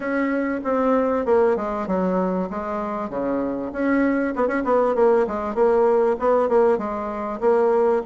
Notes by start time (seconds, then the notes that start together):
0.00 C#4
0.64 C4
1.25 A#3
1.56 G#3
1.87 F#3
2.49 G#3
3.09 C#3
3.72 C#4
4.35 B3
4.47 C#4
4.64 B3
4.95 A#3
5.27 G#3
5.54 A#3
6.19 B3
6.49 A#3
6.78 G#3
7.40 A#3